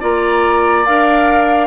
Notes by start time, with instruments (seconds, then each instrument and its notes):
0.00 bassoon A#3, clarinet F4, oboe D5, flute A#5
0.86 bassoon D4, clarinet A#4, flute F5